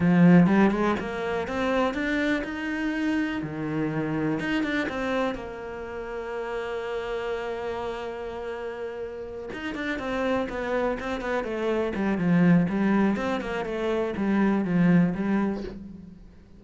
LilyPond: \new Staff \with { instrumentName = "cello" } { \time 4/4 \tempo 4 = 123 f4 g8 gis8 ais4 c'4 | d'4 dis'2 dis4~ | dis4 dis'8 d'8 c'4 ais4~ | ais1~ |
ais2.~ ais8 dis'8 | d'8 c'4 b4 c'8 b8 a8~ | a8 g8 f4 g4 c'8 ais8 | a4 g4 f4 g4 | }